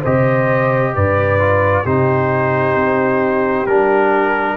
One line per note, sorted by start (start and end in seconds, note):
0.00 0.95 C3
0.00 1.39 G4
0.00 0.91 C5
0.00 0.95 D#5
0.95 1.85 G2
0.95 1.84 B4
0.95 1.86 D5
1.39 1.84 F4
1.84 2.75 C3
1.84 3.66 D#4
1.84 4.56 G4
1.84 3.66 C5
2.75 3.66 C4
3.66 4.56 G3
3.66 4.56 D4
3.66 4.56 A#4